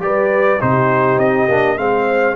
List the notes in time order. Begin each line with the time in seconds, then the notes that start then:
0.00 G3 G4 B4 D5
0.61 C3 D#4 G4 C5
1.18 C4 D#5
1.49 A#3 D4
1.77 G#3 C4 C5 F5